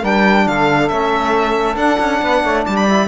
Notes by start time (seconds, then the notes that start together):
0.00 G3 D4 A#4 G5
0.47 D3 A4 F5
0.89 A3 C#4 E5
1.76 D4 F#5
2.00 C#4
2.21 B3 B4
2.43 A3 C#5
2.63 G3 D5 A5
2.76 B5
2.89 E4